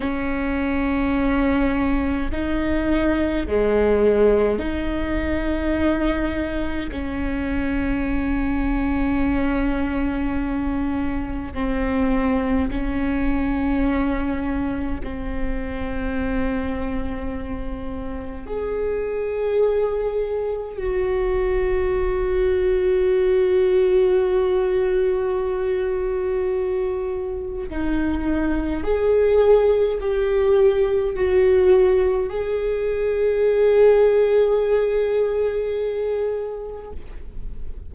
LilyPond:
\new Staff \with { instrumentName = "viola" } { \time 4/4 \tempo 4 = 52 cis'2 dis'4 gis4 | dis'2 cis'2~ | cis'2 c'4 cis'4~ | cis'4 c'2. |
gis'2 fis'2~ | fis'1 | dis'4 gis'4 g'4 fis'4 | gis'1 | }